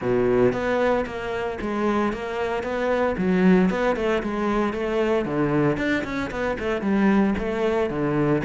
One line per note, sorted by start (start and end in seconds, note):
0.01 0.52 B2
0.52 1.05 B3
1.06 1.58 A#3
1.61 2.12 G#3
2.12 2.63 A#3
2.63 3.15 B3
3.17 3.70 F#3
3.70 3.96 B3
3.96 4.22 A3
4.22 4.73 G#3
4.73 5.25 A3
5.25 5.77 D3
5.77 6.03 D4
6.04 6.30 C#4
6.31 6.57 B3
6.59 6.81 A3
6.81 7.34 G3
7.38 7.89 A3
7.89 8.42 D3